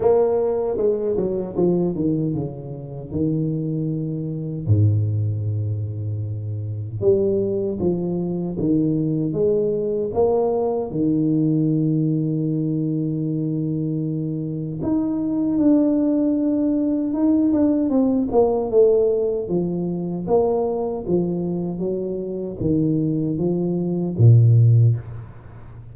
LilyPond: \new Staff \with { instrumentName = "tuba" } { \time 4/4 \tempo 4 = 77 ais4 gis8 fis8 f8 dis8 cis4 | dis2 gis,2~ | gis,4 g4 f4 dis4 | gis4 ais4 dis2~ |
dis2. dis'4 | d'2 dis'8 d'8 c'8 ais8 | a4 f4 ais4 f4 | fis4 dis4 f4 ais,4 | }